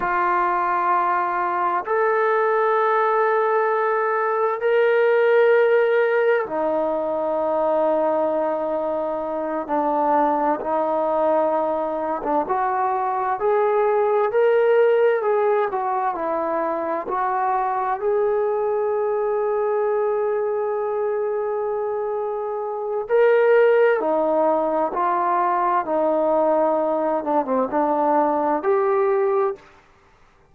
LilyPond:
\new Staff \with { instrumentName = "trombone" } { \time 4/4 \tempo 4 = 65 f'2 a'2~ | a'4 ais'2 dis'4~ | dis'2~ dis'8 d'4 dis'8~ | dis'4~ dis'16 d'16 fis'4 gis'4 ais'8~ |
ais'8 gis'8 fis'8 e'4 fis'4 gis'8~ | gis'1~ | gis'4 ais'4 dis'4 f'4 | dis'4. d'16 c'16 d'4 g'4 | }